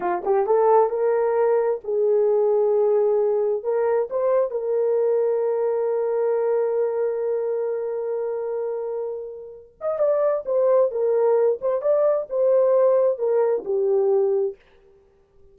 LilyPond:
\new Staff \with { instrumentName = "horn" } { \time 4/4 \tempo 4 = 132 f'8 g'8 a'4 ais'2 | gis'1 | ais'4 c''4 ais'2~ | ais'1~ |
ais'1~ | ais'4. dis''8 d''4 c''4 | ais'4. c''8 d''4 c''4~ | c''4 ais'4 g'2 | }